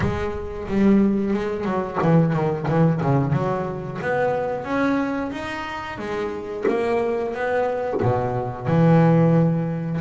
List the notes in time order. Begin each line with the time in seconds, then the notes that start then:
0.00 G#3
0.67 G3
1.33 G#3
1.64 F#3
2.02 E3
2.33 D#3
2.68 E3
3.02 C#3
3.32 F#3
4.01 B3
4.64 C#4
5.31 D#4
5.98 G#3
6.68 A#3
7.34 B3
8.02 B2
8.67 E3